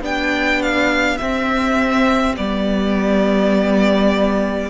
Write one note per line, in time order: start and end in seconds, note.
0.00 1.18 B3
0.00 1.19 D4
0.00 4.70 G4
0.00 0.62 G5
0.62 1.17 F5
1.17 2.36 C4
1.17 2.38 C4
1.17 2.35 E5
2.36 4.70 G3
2.36 4.70 B3
2.36 4.70 D5